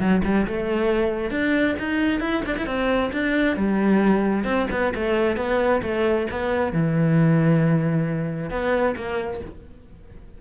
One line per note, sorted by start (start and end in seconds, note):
0.00 0.22 F#3
0.25 0.47 G3
0.48 1.31 A3
1.31 1.76 D4
1.80 2.21 D#4
2.21 2.43 E4
2.46 2.57 D4
2.58 2.67 E4
2.67 3.11 C4
3.13 3.57 D4
3.57 4.45 G3
4.45 4.67 C4
4.72 4.94 B3
4.96 5.37 A3
5.37 5.82 B3
5.82 6.27 A3
6.31 6.73 B3
6.73 8.51 E3
8.51 8.95 B3
8.97 9.41 A#3